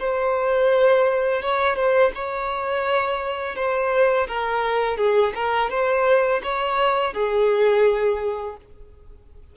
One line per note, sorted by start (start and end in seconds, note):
0.00 1.42 C5
1.42 1.76 C#5
1.76 2.12 C5
2.15 3.56 C#5
3.56 4.28 C5
4.28 4.98 A#4
4.98 5.33 G#4
5.35 5.70 A#4
5.70 6.42 C5
6.44 7.14 C#5
7.14 8.56 G#4